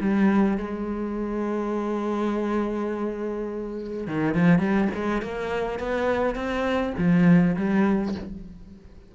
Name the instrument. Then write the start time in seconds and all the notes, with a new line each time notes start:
cello
0.00 G3
0.57 G#3
4.07 D#3
4.34 F3
4.59 G3
4.94 G#3
5.22 A#3
5.79 B3
6.35 C4
6.98 F3
7.56 G3